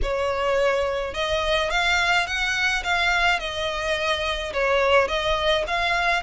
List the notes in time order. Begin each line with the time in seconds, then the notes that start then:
0.02 C#5
1.14 D#5
1.70 F5
2.26 F#5
2.83 F5
3.39 D#5
4.53 C#5
5.08 D#5
5.67 F5